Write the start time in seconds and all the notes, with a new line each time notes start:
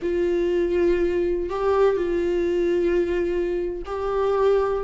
0.02 F4
1.49 G4
1.96 F4
3.85 G4